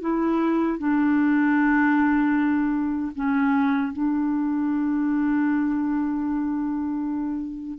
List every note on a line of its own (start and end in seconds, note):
0.00 0.78 E4
0.78 3.12 D4
3.15 3.92 C#4
3.92 7.78 D4